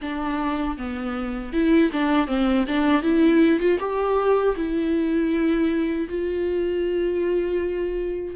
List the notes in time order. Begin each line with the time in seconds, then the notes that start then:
0.01 D4
0.77 B3
1.53 E4
1.92 D4
2.27 C4
2.67 D4
3.02 E4
3.59 F4
3.79 G4
4.56 E4
6.09 F4